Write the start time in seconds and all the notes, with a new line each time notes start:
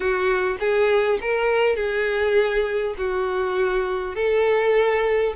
0.00 F#4
0.59 G#4
1.21 A#4
1.76 G#4
2.97 F#4
4.15 A4